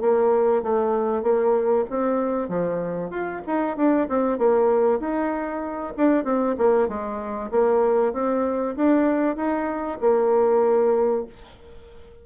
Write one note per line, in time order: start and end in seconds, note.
0.00 0.62 A#3
0.62 1.22 A3
1.22 1.85 A#3
1.89 2.48 C4
2.48 3.10 F3
3.10 3.41 F4
3.46 3.76 D#4
3.76 4.07 D4
4.08 4.38 C4
4.38 4.99 A#3
4.99 5.93 D#4
5.97 6.24 D4
6.24 6.55 C4
6.58 6.88 A#3
6.88 7.50 G#3
7.51 8.12 A#3
8.12 8.75 C4
8.76 9.36 D4
9.36 9.98 D#4
10.00 11.25 A#3